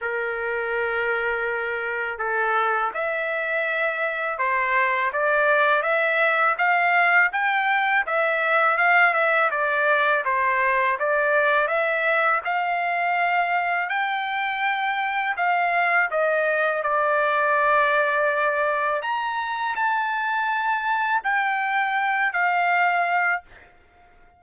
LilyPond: \new Staff \with { instrumentName = "trumpet" } { \time 4/4 \tempo 4 = 82 ais'2. a'4 | e''2 c''4 d''4 | e''4 f''4 g''4 e''4 | f''8 e''8 d''4 c''4 d''4 |
e''4 f''2 g''4~ | g''4 f''4 dis''4 d''4~ | d''2 ais''4 a''4~ | a''4 g''4. f''4. | }